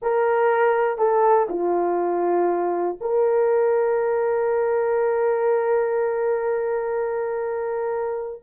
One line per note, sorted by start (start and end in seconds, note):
0.01 0.98 A#4
0.98 1.47 A4
1.49 2.98 F4
3.00 8.42 A#4